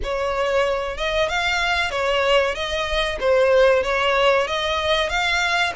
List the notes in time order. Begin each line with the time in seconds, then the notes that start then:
0.03 C#5
0.97 D#5
1.28 F5
1.90 C#5
2.54 D#5
3.19 C5
3.83 C#5
4.47 D#5
5.09 F5